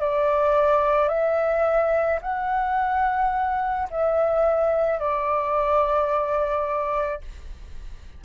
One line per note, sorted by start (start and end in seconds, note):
0.00 1.09 D5
1.09 2.20 E5
2.22 3.89 F#5
3.90 4.99 E5
4.99 7.22 D5